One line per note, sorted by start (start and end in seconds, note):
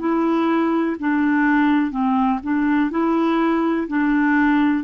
0.00 0.97 E4
1.00 1.92 D4
1.92 2.40 C4
2.44 2.91 D4
2.91 3.88 E4
3.88 4.84 D4